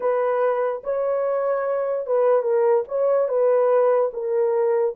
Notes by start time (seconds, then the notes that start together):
0.00 B4
0.83 C#5
2.06 B4
2.42 A#4
2.88 C#5
3.28 B4
4.13 A#4